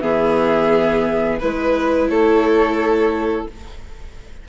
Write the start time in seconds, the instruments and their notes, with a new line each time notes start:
0.00 bassoon E3, viola B3, violin G#4, flute E5
1.39 bassoon G#3, viola E4, violin B4, flute B4
2.09 bassoon A3, violin A4, flute C#5